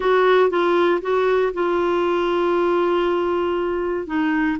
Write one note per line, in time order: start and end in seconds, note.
0.00 0.50 F#4
0.50 1.01 F4
1.01 1.52 F#4
1.53 4.06 F4
4.06 4.57 D#4